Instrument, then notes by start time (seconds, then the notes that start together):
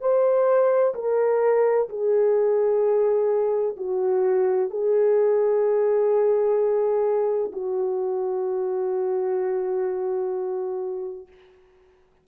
horn
0.00 C5
0.94 A#4
1.88 G#4
3.76 F#4
4.70 G#4
7.52 F#4